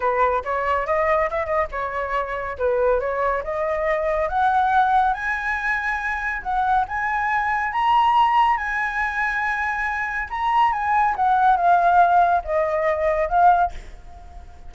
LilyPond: \new Staff \with { instrumentName = "flute" } { \time 4/4 \tempo 4 = 140 b'4 cis''4 dis''4 e''8 dis''8 | cis''2 b'4 cis''4 | dis''2 fis''2 | gis''2. fis''4 |
gis''2 ais''2 | gis''1 | ais''4 gis''4 fis''4 f''4~ | f''4 dis''2 f''4 | }